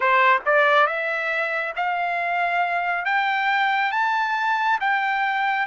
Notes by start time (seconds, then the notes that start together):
0.00 C5
0.45 D5
0.87 E5
1.75 F5
3.05 G5
3.91 A5
4.80 G5